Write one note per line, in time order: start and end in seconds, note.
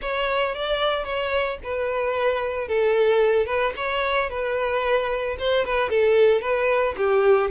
0.01 0.55 C#5
0.55 1.04 D5
1.04 1.58 C#5
1.63 2.68 B4
2.68 3.46 A4
3.46 3.73 B4
3.76 4.29 C#5
4.29 5.36 B4
5.38 5.65 C5
5.65 5.89 B4
5.89 6.41 A4
6.41 6.94 B4
6.97 7.50 G4